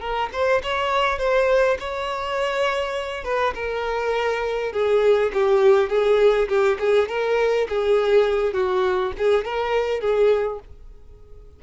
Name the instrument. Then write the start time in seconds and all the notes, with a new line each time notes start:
violin
0.00 A#4
0.33 C5
0.63 C#5
1.19 C5
1.79 C#5
3.24 B4
3.55 A#4
4.73 G#4
5.33 G4
5.89 G#4
6.48 G4
6.79 G#4
7.09 A#4
7.69 G#4
8.53 F#4
9.18 G#4
9.45 A#4
10.01 G#4